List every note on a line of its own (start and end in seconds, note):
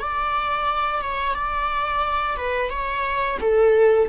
0.00 1.02 D5
1.02 1.35 C#5
1.35 2.37 D5
2.37 2.70 B4
2.70 3.38 C#5
3.41 4.09 A4